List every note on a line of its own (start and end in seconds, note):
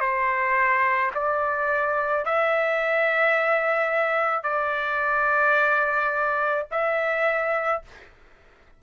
0.00 1.11 C5
1.14 2.25 D5
2.25 4.43 E5
4.43 6.66 D5
6.71 7.82 E5